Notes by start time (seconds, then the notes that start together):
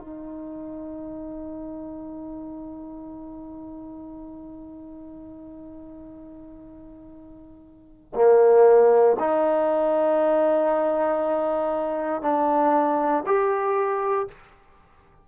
0.00 D#4
8.15 A#3
9.20 D#4
12.22 D4
13.27 G4